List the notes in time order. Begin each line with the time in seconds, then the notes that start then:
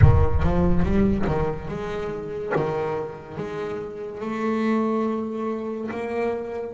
0.01 D#3
0.43 F3
0.82 G3
1.27 D#3
1.68 G#3
2.55 D#3
3.36 G#3
4.21 A3
5.90 A#3